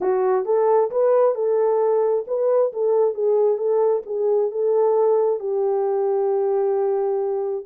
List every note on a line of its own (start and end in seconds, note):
0.01 0.45 F#4
0.45 0.90 A4
0.90 1.35 B4
1.35 2.25 A4
2.27 2.72 B4
2.73 3.14 A4
3.14 3.57 G#4
3.57 4.02 A4
4.06 4.51 G#4
4.51 5.39 A4
5.39 7.65 G4